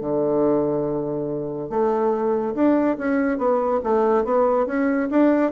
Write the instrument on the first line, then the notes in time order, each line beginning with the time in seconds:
bassoon
0.00 D3
1.69 A3
2.54 D4
2.98 C#4
3.38 B3
3.83 A3
4.24 B3
4.66 C#4
5.10 D4